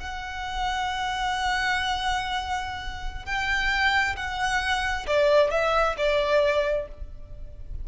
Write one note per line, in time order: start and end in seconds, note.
0.00 3.26 F#5
3.26 4.16 G5
4.16 5.07 F#5
5.07 5.51 D5
5.51 5.96 E5
5.98 6.88 D5